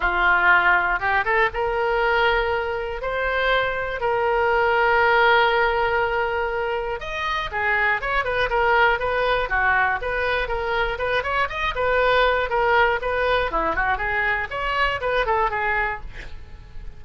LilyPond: \new Staff \with { instrumentName = "oboe" } { \time 4/4 \tempo 4 = 120 f'2 g'8 a'8 ais'4~ | ais'2 c''2 | ais'1~ | ais'2 dis''4 gis'4 |
cis''8 b'8 ais'4 b'4 fis'4 | b'4 ais'4 b'8 cis''8 dis''8 b'8~ | b'4 ais'4 b'4 e'8 fis'8 | gis'4 cis''4 b'8 a'8 gis'4 | }